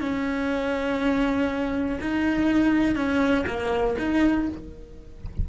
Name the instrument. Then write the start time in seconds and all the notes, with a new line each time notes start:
cello
0.00 C#4
2.01 D#4
2.95 C#4
3.47 A#3
3.99 D#4